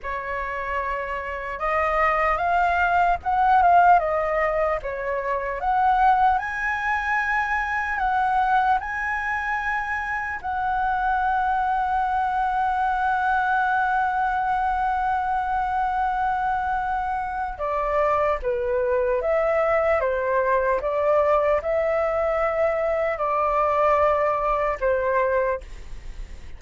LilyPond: \new Staff \with { instrumentName = "flute" } { \time 4/4 \tempo 4 = 75 cis''2 dis''4 f''4 | fis''8 f''8 dis''4 cis''4 fis''4 | gis''2 fis''4 gis''4~ | gis''4 fis''2.~ |
fis''1~ | fis''2 d''4 b'4 | e''4 c''4 d''4 e''4~ | e''4 d''2 c''4 | }